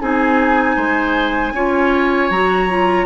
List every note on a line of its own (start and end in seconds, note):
0.00 0.77 C4
0.00 1.54 D#4
0.00 0.76 G#4
0.00 2.31 G#5
0.76 1.53 G#3
0.76 1.53 C5
1.53 2.30 C#4
1.53 2.32 F4
1.53 3.06 C#5
2.30 3.06 F#3
2.30 2.69 F#4
2.30 3.06 A#5
2.69 3.06 F4